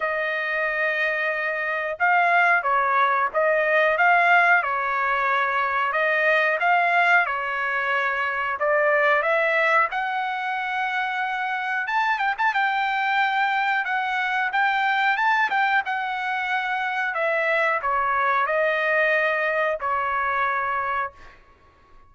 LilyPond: \new Staff \with { instrumentName = "trumpet" } { \time 4/4 \tempo 4 = 91 dis''2. f''4 | cis''4 dis''4 f''4 cis''4~ | cis''4 dis''4 f''4 cis''4~ | cis''4 d''4 e''4 fis''4~ |
fis''2 a''8 g''16 a''16 g''4~ | g''4 fis''4 g''4 a''8 g''8 | fis''2 e''4 cis''4 | dis''2 cis''2 | }